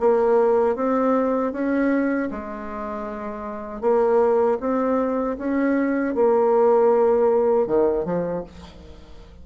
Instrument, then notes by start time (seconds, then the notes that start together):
bassoon
0.00 A#3
0.76 C4
1.52 C#4
2.31 G#3
3.81 A#3
4.60 C4
5.38 C#4
6.15 A#3
7.67 D#3
8.05 F3